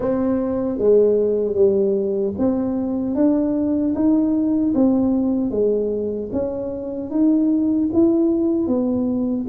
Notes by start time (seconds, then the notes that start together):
0.00 C4
0.78 G#3
1.54 G3
2.38 C4
3.15 D4
3.94 D#4
4.74 C4
5.50 G#3
6.32 C#4
7.10 D#4
7.93 E4
8.67 B3